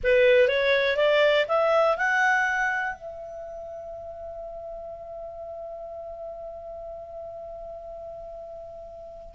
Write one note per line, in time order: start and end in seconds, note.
0.03 0.48 B4
0.48 0.96 C#5
0.96 1.46 D5
1.48 1.97 E5
1.97 2.95 F#5
2.95 9.34 E5